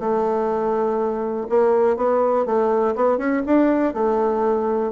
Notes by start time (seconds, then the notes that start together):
0.00 A3
1.50 A#3
1.97 B3
2.46 A3
2.96 B3
3.18 C#4
3.47 D4
3.94 A3